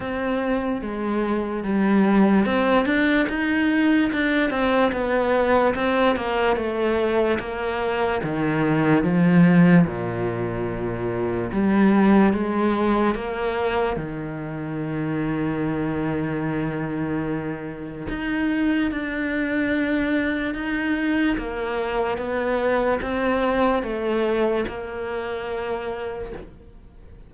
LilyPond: \new Staff \with { instrumentName = "cello" } { \time 4/4 \tempo 4 = 73 c'4 gis4 g4 c'8 d'8 | dis'4 d'8 c'8 b4 c'8 ais8 | a4 ais4 dis4 f4 | ais,2 g4 gis4 |
ais4 dis2.~ | dis2 dis'4 d'4~ | d'4 dis'4 ais4 b4 | c'4 a4 ais2 | }